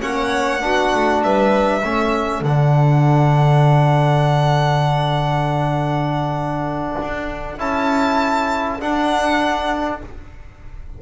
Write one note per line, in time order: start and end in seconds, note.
0.00 0.63 A#3
0.00 0.60 C#4
0.00 0.63 C#5
0.00 1.22 F#5
0.60 0.93 B3
0.60 1.82 D4
0.60 1.25 F#4
0.94 1.22 A3
1.22 1.83 G3
1.22 1.84 B4
1.22 2.43 E5
1.83 2.41 A3
1.83 2.45 C#4
1.83 10.02 A4
2.41 6.95 D3
2.41 7.58 D4
2.41 7.58 F#5
7.01 7.58 D4
7.58 8.79 C#4
7.58 8.79 E4
7.58 8.81 A5
8.80 10.01 D4
8.80 10.02 F#5